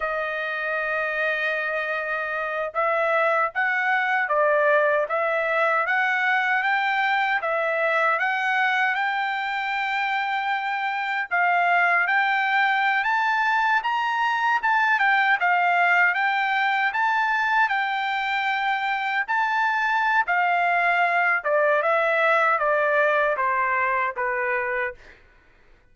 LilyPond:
\new Staff \with { instrumentName = "trumpet" } { \time 4/4 \tempo 4 = 77 dis''2.~ dis''8 e''8~ | e''8 fis''4 d''4 e''4 fis''8~ | fis''8 g''4 e''4 fis''4 g''8~ | g''2~ g''8 f''4 g''8~ |
g''8. a''4 ais''4 a''8 g''8 f''16~ | f''8. g''4 a''4 g''4~ g''16~ | g''8. a''4~ a''16 f''4. d''8 | e''4 d''4 c''4 b'4 | }